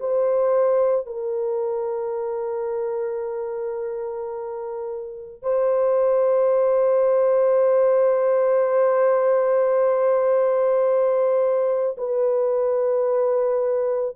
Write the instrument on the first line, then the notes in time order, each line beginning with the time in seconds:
horn
0.00 C5
1.06 A#4
5.42 C5
11.98 B4